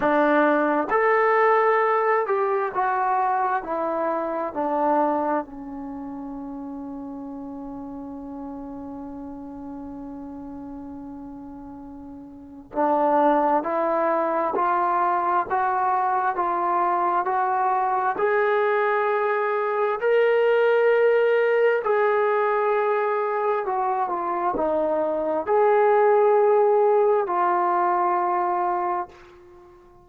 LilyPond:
\new Staff \with { instrumentName = "trombone" } { \time 4/4 \tempo 4 = 66 d'4 a'4. g'8 fis'4 | e'4 d'4 cis'2~ | cis'1~ | cis'2 d'4 e'4 |
f'4 fis'4 f'4 fis'4 | gis'2 ais'2 | gis'2 fis'8 f'8 dis'4 | gis'2 f'2 | }